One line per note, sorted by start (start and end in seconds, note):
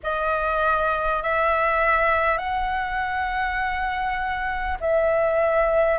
0.03 1.23 D#5
1.23 2.37 E5
2.37 4.77 F#5
4.80 5.98 E5